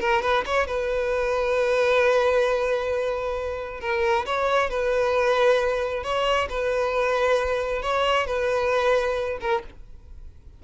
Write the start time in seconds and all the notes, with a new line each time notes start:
0.00 A#4
0.22 B4
0.46 C#5
0.67 B4
3.81 A#4
4.26 C#5
4.70 B4
6.04 C#5
6.50 B4
7.82 C#5
8.27 B4
9.41 A#4